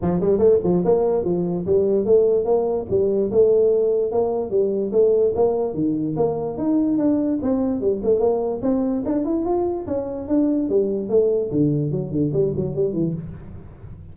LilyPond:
\new Staff \with { instrumentName = "tuba" } { \time 4/4 \tempo 4 = 146 f8 g8 a8 f8 ais4 f4 | g4 a4 ais4 g4 | a2 ais4 g4 | a4 ais4 dis4 ais4 |
dis'4 d'4 c'4 g8 a8 | ais4 c'4 d'8 e'8 f'4 | cis'4 d'4 g4 a4 | d4 fis8 d8 g8 fis8 g8 e8 | }